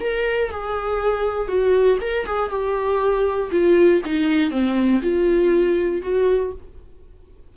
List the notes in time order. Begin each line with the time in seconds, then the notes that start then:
0.00 A#4
0.50 G#4
1.48 F#4
2.00 A#4
2.26 G#4
2.49 G4
3.51 F4
4.05 D#4
4.50 C4
5.02 F4
6.02 F#4